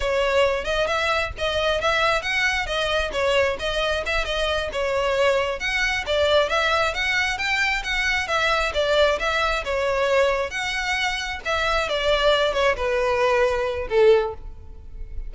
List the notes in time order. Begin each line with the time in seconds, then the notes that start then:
0.00 C#5
0.64 D#5
0.86 E5
1.37 D#5
1.80 E5
2.22 F#5
2.66 D#5
3.12 C#5
3.59 D#5
4.06 E5
4.25 D#5
4.72 C#5
5.59 F#5
6.06 D5
6.49 E5
6.94 F#5
7.38 G5
7.83 F#5
8.27 E5
8.74 D5
9.19 E5
9.64 C#5
10.50 F#5
11.45 E5
11.89 D5
12.53 C#5
12.76 B4
13.89 A4